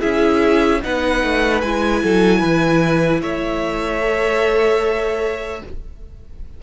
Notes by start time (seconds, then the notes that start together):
0.00 C#4 E4 G#4 E5
0.83 B3 D#4 B4 F#5
1.24 A3
1.61 G#3 E4 G#5
2.03 F#3 A4
2.39 E3 B4
3.22 A3 C#5 E5
4.01 A4